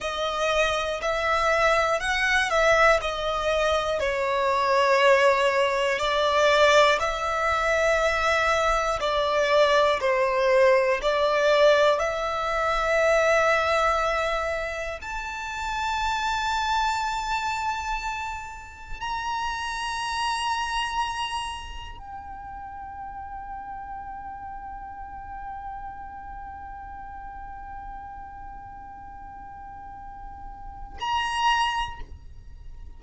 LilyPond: \new Staff \with { instrumentName = "violin" } { \time 4/4 \tempo 4 = 60 dis''4 e''4 fis''8 e''8 dis''4 | cis''2 d''4 e''4~ | e''4 d''4 c''4 d''4 | e''2. a''4~ |
a''2. ais''4~ | ais''2 g''2~ | g''1~ | g''2. ais''4 | }